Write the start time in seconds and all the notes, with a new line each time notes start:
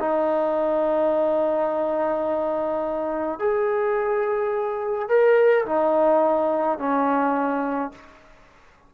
0.00 D#4
3.39 G#4
5.09 A#4
5.66 D#4
6.79 C#4